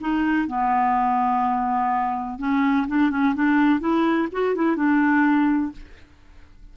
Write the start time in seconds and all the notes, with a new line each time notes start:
0.00 D#4
0.47 B3
2.38 C#4
2.87 D4
3.10 C#4
3.34 D4
3.80 E4
4.32 F#4
4.55 E4
4.76 D4